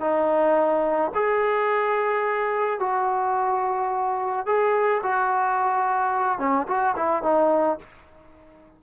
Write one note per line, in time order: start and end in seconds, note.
0.00 1.11 D#4
1.14 2.79 G#4
2.79 4.46 F#4
4.46 5.01 G#4
5.02 6.39 F#4
6.39 6.66 C#4
6.67 6.95 F#4
6.96 7.22 E4
7.22 7.78 D#4